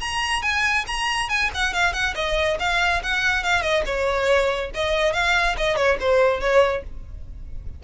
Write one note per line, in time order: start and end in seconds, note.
0.00 0.42 A#5
0.42 0.85 G#5
0.87 1.29 A#5
1.29 1.50 G#5
1.54 1.73 F#5
1.73 1.93 F5
1.93 2.14 F#5
2.15 2.58 D#5
2.59 3.02 F5
3.03 3.43 F#5
3.43 3.62 F5
3.62 3.83 D#5
3.85 4.71 C#5
4.74 5.13 D#5
5.13 5.56 F5
5.57 5.76 D#5
5.76 5.97 C#5
6.00 6.40 C5
6.40 6.83 C#5